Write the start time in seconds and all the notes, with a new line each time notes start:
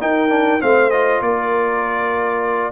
0.00 D#4 A#4 G5
0.29 D4
0.60 A3 C4 C5 F5
0.91 F4 D#5
1.21 A#3 A#4 D5